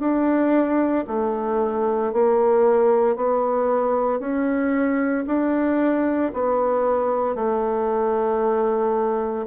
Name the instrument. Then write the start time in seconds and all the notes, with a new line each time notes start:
bassoon
0.00 D4
1.08 A3
2.13 A#3
3.17 B3
4.20 C#4
5.27 D4
6.34 B3
7.35 A3